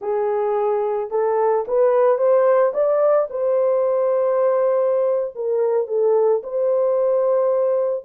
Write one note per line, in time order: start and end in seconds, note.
0.01 1.10 G#4
1.10 1.65 A4
1.67 2.18 B4
2.18 2.72 C5
2.73 3.28 D5
3.30 5.34 C5
5.35 5.87 A#4
5.87 6.41 A4
6.43 8.04 C5